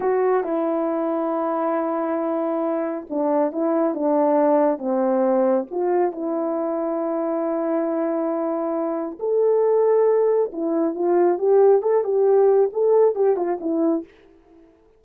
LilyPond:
\new Staff \with { instrumentName = "horn" } { \time 4/4 \tempo 4 = 137 fis'4 e'2.~ | e'2. d'4 | e'4 d'2 c'4~ | c'4 f'4 e'2~ |
e'1~ | e'4 a'2. | e'4 f'4 g'4 a'8 g'8~ | g'4 a'4 g'8 f'8 e'4 | }